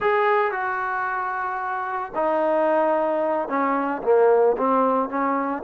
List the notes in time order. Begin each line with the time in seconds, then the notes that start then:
0.00 G#4
0.51 F#4
2.15 D#4
3.48 C#4
4.03 A#3
4.57 C4
5.09 C#4